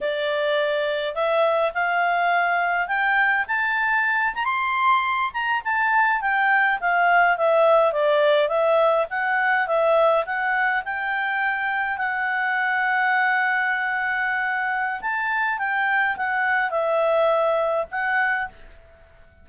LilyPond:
\new Staff \with { instrumentName = "clarinet" } { \time 4/4 \tempo 4 = 104 d''2 e''4 f''4~ | f''4 g''4 a''4. ais''16 c'''16~ | c'''4~ c'''16 ais''8 a''4 g''4 f''16~ | f''8. e''4 d''4 e''4 fis''16~ |
fis''8. e''4 fis''4 g''4~ g''16~ | g''8. fis''2.~ fis''16~ | fis''2 a''4 g''4 | fis''4 e''2 fis''4 | }